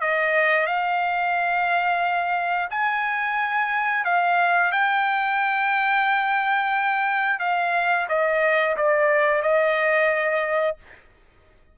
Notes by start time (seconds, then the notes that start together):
0.00 D#5
0.66 F5
2.70 G#5
4.04 F5
4.72 G5
7.39 F5
8.08 D#5
8.76 D5
9.42 D#5